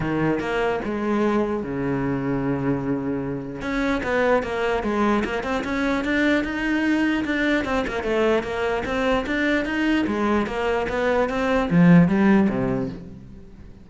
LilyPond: \new Staff \with { instrumentName = "cello" } { \time 4/4 \tempo 4 = 149 dis4 ais4 gis2 | cis1~ | cis4 cis'4 b4 ais4 | gis4 ais8 c'8 cis'4 d'4 |
dis'2 d'4 c'8 ais8 | a4 ais4 c'4 d'4 | dis'4 gis4 ais4 b4 | c'4 f4 g4 c4 | }